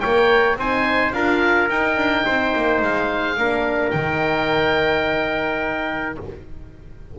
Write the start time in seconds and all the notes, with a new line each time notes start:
0.00 A#3 A#4 C#5 G5
0.56 C4 D#4 C5 G#5
1.13 D4 F4 A#4 F5
1.69 D#4 G5
1.96 D4
2.25 C4 C5
2.56 A#3
2.81 G#3 F5
3.37 A#3 D4 A#4
3.90 D#3 D#4 G5